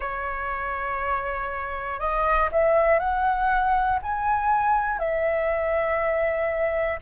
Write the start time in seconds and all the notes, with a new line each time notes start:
0.00 C#5
1.99 D#5
2.51 E5
2.99 F#5
4.02 G#5
4.99 E5